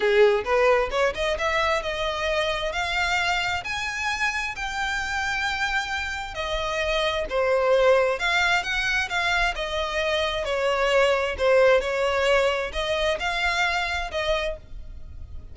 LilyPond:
\new Staff \with { instrumentName = "violin" } { \time 4/4 \tempo 4 = 132 gis'4 b'4 cis''8 dis''8 e''4 | dis''2 f''2 | gis''2 g''2~ | g''2 dis''2 |
c''2 f''4 fis''4 | f''4 dis''2 cis''4~ | cis''4 c''4 cis''2 | dis''4 f''2 dis''4 | }